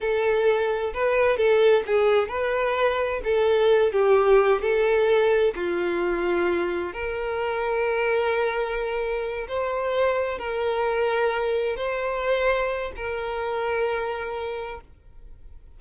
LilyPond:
\new Staff \with { instrumentName = "violin" } { \time 4/4 \tempo 4 = 130 a'2 b'4 a'4 | gis'4 b'2 a'4~ | a'8 g'4. a'2 | f'2. ais'4~ |
ais'1~ | ais'8 c''2 ais'4.~ | ais'4. c''2~ c''8 | ais'1 | }